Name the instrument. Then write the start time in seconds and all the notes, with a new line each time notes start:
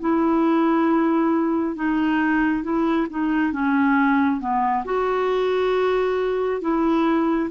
clarinet
0.00 E4
1.75 D#4
2.63 E4
3.10 D#4
3.52 C#4
4.40 B3
4.84 F#4
6.61 E4